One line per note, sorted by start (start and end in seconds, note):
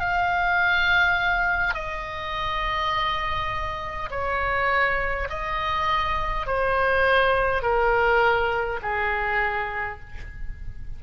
0.00 1.74 F5
1.74 4.10 D#5
4.11 5.29 C#5
5.30 6.47 D#5
6.47 7.63 C5
7.63 8.80 A#4
8.83 10.01 G#4